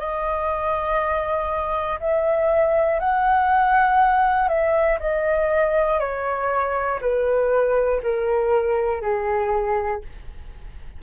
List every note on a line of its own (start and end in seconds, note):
0.00 2.00 D#5
2.00 3.00 E5
3.00 4.49 F#5
4.49 4.99 E5
5.00 6.00 D#5
6.00 7.00 C#5
7.01 8.01 B4
8.03 9.02 A#4
9.02 10.02 G#4